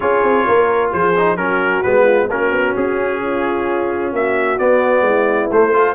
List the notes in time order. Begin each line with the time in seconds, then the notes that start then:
0.00 C#4 F4 G#4 C#5
0.23 C4
0.45 A#3 A#4
0.91 F3 G#4 C5
1.17 D#4
1.35 F#3 C#4 F#4 A#4
1.82 G#3 B3 B4
2.04 F4
2.29 A#3 C#4 F#4 A#4
2.51 B3
2.76 C#4 G#4
3.22 F4
4.13 A#3 F#4 E5
4.58 B3 D5
5.01 G#3 E4
5.51 A3 C5
5.73 F4 A4